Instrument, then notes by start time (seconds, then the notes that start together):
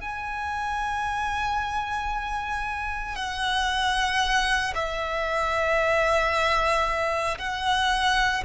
violin
0.00 G#5
3.15 F#5
4.75 E5
7.38 F#5